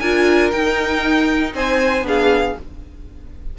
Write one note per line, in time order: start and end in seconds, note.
0.00 0.53 D4
0.00 0.53 F4
0.00 1.54 A#4
0.00 0.51 G#5
0.51 2.04 D#4
0.51 1.54 D#4
0.51 1.53 G5
1.54 2.02 C4
1.54 2.06 C5
1.54 2.07 G#5
2.02 2.53 B3
2.02 2.55 D4
2.02 2.58 G#4
2.02 2.59 F5